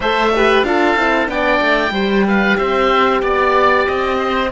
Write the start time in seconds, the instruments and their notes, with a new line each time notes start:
0.00 cello A3, horn A4, oboe C5 E5
0.35 horn G4, oboe B4
0.63 cello D4, horn F4, oboe A4 F5
0.96 cello C4, horn E4
1.27 cello B3, horn D4, oboe D5 G5
1.61 cello A3
1.90 cello G3, horn G4, oboe C5
2.27 oboe B4 F5
2.57 cello C4, oboe C5 E5
3.21 cello B3, oboe D5
3.87 cello C4, oboe D#5
4.18 oboe C5